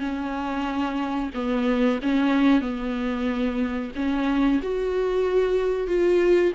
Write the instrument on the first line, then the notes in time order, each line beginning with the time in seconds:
viola
0.00 C#4
1.34 B3
2.02 C#4
2.61 B3
3.95 C#4
4.62 F#4
5.88 F4